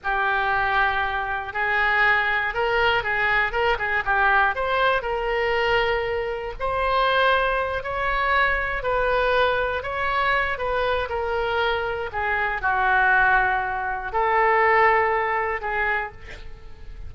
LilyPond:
\new Staff \with { instrumentName = "oboe" } { \time 4/4 \tempo 4 = 119 g'2. gis'4~ | gis'4 ais'4 gis'4 ais'8 gis'8 | g'4 c''4 ais'2~ | ais'4 c''2~ c''8 cis''8~ |
cis''4. b'2 cis''8~ | cis''4 b'4 ais'2 | gis'4 fis'2. | a'2. gis'4 | }